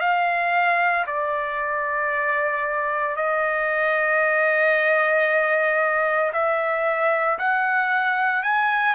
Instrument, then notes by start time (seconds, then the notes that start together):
trumpet
0.00 F5
1.07 D5
3.16 D#5
6.33 E5
7.38 F#5
8.43 G#5